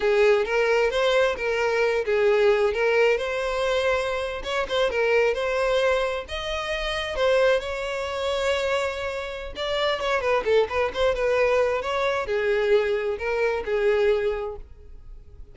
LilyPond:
\new Staff \with { instrumentName = "violin" } { \time 4/4 \tempo 4 = 132 gis'4 ais'4 c''4 ais'4~ | ais'8 gis'4. ais'4 c''4~ | c''4.~ c''16 cis''8 c''8 ais'4 c''16~ | c''4.~ c''16 dis''2 c''16~ |
c''8. cis''2.~ cis''16~ | cis''4 d''4 cis''8 b'8 a'8 b'8 | c''8 b'4. cis''4 gis'4~ | gis'4 ais'4 gis'2 | }